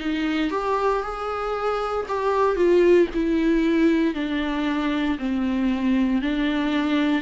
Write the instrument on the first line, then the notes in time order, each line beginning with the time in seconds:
viola
0.00 D#4
0.51 G4
1.03 G#4
2.08 G4
2.56 F4
3.15 E4
4.15 D4
5.19 C4
6.22 D4